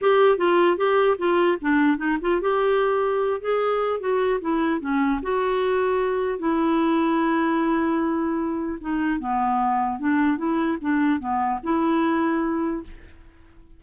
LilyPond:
\new Staff \with { instrumentName = "clarinet" } { \time 4/4 \tempo 4 = 150 g'4 f'4 g'4 f'4 | d'4 dis'8 f'8 g'2~ | g'8 gis'4. fis'4 e'4 | cis'4 fis'2. |
e'1~ | e'2 dis'4 b4~ | b4 d'4 e'4 d'4 | b4 e'2. | }